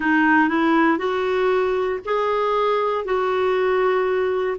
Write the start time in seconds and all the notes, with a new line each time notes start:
0.00 D#4
0.48 E4
0.98 F#4
2.05 G#4
3.05 F#4